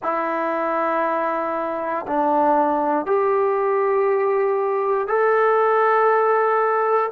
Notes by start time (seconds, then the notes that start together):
0.02 E4
2.07 D4
3.06 G4
5.07 A4